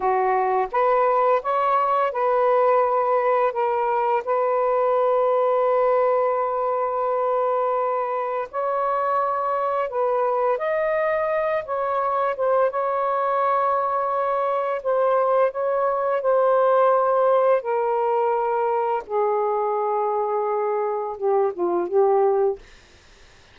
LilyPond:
\new Staff \with { instrumentName = "saxophone" } { \time 4/4 \tempo 4 = 85 fis'4 b'4 cis''4 b'4~ | b'4 ais'4 b'2~ | b'1 | cis''2 b'4 dis''4~ |
dis''8 cis''4 c''8 cis''2~ | cis''4 c''4 cis''4 c''4~ | c''4 ais'2 gis'4~ | gis'2 g'8 f'8 g'4 | }